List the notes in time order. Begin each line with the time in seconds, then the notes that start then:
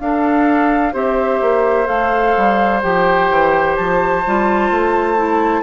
0.00 D4 A4 F5
0.93 C4 G4 C5 E5
1.41 A#3
1.86 A3 A4 F5
2.37 G3
2.83 F3 G4 G5
3.30 E3
3.76 F3 A5
4.26 G3 F4
4.71 A3
5.17 E4